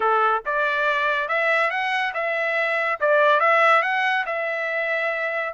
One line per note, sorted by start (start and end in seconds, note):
0.00 0.43 A4
0.45 1.28 D5
1.28 1.70 E5
1.70 2.13 F#5
2.14 2.99 E5
3.00 3.40 D5
3.40 3.82 E5
3.82 4.24 F#5
4.26 5.53 E5